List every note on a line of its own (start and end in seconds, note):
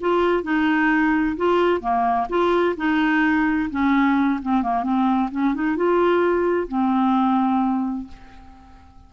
0.00 0.43 F4
0.43 1.36 D#4
1.36 1.80 F4
1.80 2.27 A#3
2.29 2.75 F4
2.76 3.69 D#4
3.70 4.40 C#4
4.42 4.62 C4
4.62 4.83 A#3
4.83 5.29 C4
5.31 5.54 C#4
5.54 5.76 D#4
5.76 6.67 F4
6.67 8.07 C4